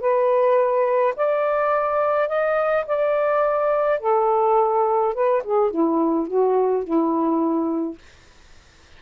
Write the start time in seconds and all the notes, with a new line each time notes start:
0.00 B4
1.16 D5
2.29 D#5
2.86 D5
4.00 A4
5.14 B4
5.44 G#4
5.71 E4
6.27 F#4
6.84 E4